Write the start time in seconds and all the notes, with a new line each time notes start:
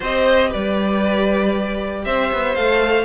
0.00 C4 G4 C5 D#5
0.48 G3 B4 D5
2.04 C4 C5 E5
2.32 B3
2.55 A3 A4 F5